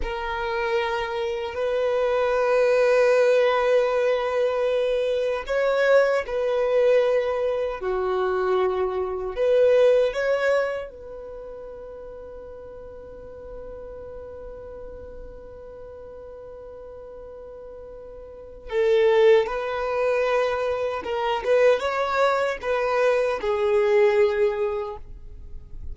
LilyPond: \new Staff \with { instrumentName = "violin" } { \time 4/4 \tempo 4 = 77 ais'2 b'2~ | b'2. cis''4 | b'2 fis'2 | b'4 cis''4 b'2~ |
b'1~ | b'1 | a'4 b'2 ais'8 b'8 | cis''4 b'4 gis'2 | }